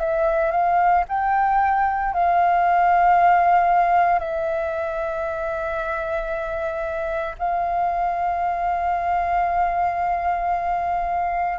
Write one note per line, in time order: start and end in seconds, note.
0.00 0.52 E5
0.52 1.04 F5
1.09 2.14 G5
2.14 4.20 F5
4.20 7.35 E5
7.39 11.59 F5